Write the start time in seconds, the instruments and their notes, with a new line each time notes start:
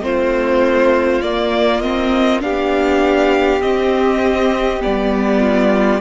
0.00 cello A3, viola C4, violin F4 C5
1.22 viola A#3, cello A#3, violin D5
1.81 viola C4, violin D#5
2.41 cello B3, viola D4, violin G4 F5
3.61 cello C4, viola C4, violin D#5
4.81 cello G3, viola B3, violin D5
5.41 violin F4